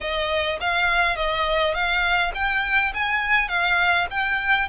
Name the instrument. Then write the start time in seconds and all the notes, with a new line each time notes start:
violin
0.00 D#5
0.60 F5
1.15 D#5
1.73 F5
2.34 G5
2.94 G#5
3.48 F5
4.10 G5